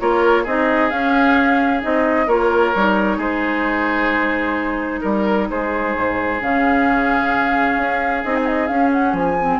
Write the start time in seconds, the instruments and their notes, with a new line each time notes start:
0.00 bassoon A#3, clarinet F4, oboe A#4, flute C#5
0.44 bassoon C4, clarinet D#4, oboe G#4, flute D#5
0.90 clarinet C#4, bassoon C#4, flute F5
1.81 bassoon C4, clarinet D#4, flute D#5
2.27 bassoon A#3, clarinet F4, oboe A#4, flute C#5
2.75 bassoon G3, clarinet D#4
3.17 bassoon G#3, oboe G#4, flute C5
5.01 bassoon G3, flute A#4, oboe A#4
5.50 bassoon G#3, oboe G#4, flute C5
5.96 bassoon G#2
6.41 bassoon C#3, clarinet C#4, flute F5
7.77 bassoon C#4
8.24 bassoon C4, clarinet D#4, flute D#5
8.36 flute G#5
8.46 flute D#5
8.67 clarinet C#4, bassoon C#4, flute F5
8.92 flute F#5
9.13 bassoon F3, flute G#5
9.41 clarinet C4